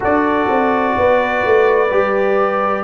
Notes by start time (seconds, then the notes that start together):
0.00 D4 F#4 A4 D5
0.48 C4
0.96 B3 B4
1.44 A3
1.90 G3 G4